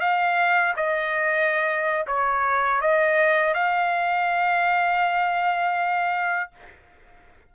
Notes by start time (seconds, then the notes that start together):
0.00 F5
0.76 D#5
2.07 C#5
2.81 D#5
3.54 F5